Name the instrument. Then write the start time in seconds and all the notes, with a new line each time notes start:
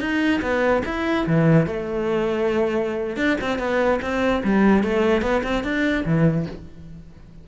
cello
0.00 D#4
0.42 B3
0.85 E4
1.27 E3
1.67 A3
3.17 D4
3.41 C4
3.59 B3
4.02 C4
4.44 G3
4.83 A3
5.22 B3
5.43 C4
5.64 D4
6.05 E3